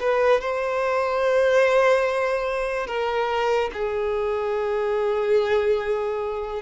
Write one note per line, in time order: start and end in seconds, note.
0.00 0.41 B4
0.41 2.87 C5
2.87 3.70 A#4
3.73 6.62 G#4